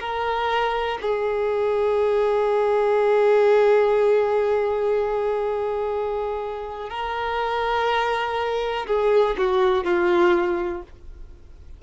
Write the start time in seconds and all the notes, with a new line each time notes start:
0.00 A#4
1.01 G#4
6.89 A#4
8.87 G#4
9.38 F#4
9.84 F4